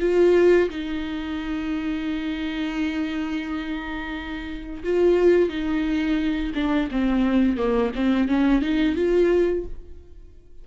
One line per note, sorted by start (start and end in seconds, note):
0.00 0.69 F4
0.69 4.83 D#4
4.84 5.49 F4
5.49 6.52 D#4
6.55 6.89 D4
6.91 7.57 C4
7.57 7.92 A#3
7.95 8.28 C4
8.28 8.61 C#4
8.61 8.96 D#4
8.96 9.65 F4